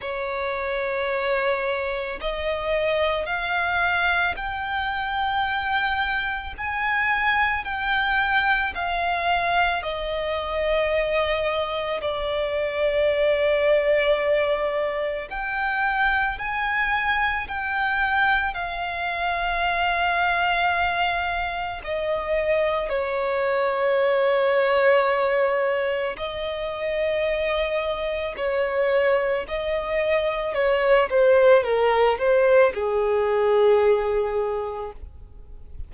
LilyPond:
\new Staff \with { instrumentName = "violin" } { \time 4/4 \tempo 4 = 55 cis''2 dis''4 f''4 | g''2 gis''4 g''4 | f''4 dis''2 d''4~ | d''2 g''4 gis''4 |
g''4 f''2. | dis''4 cis''2. | dis''2 cis''4 dis''4 | cis''8 c''8 ais'8 c''8 gis'2 | }